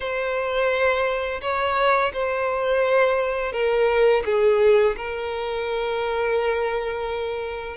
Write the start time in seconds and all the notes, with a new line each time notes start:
0.00 C5
1.41 C#5
2.13 C5
3.52 A#4
4.25 G#4
4.96 A#4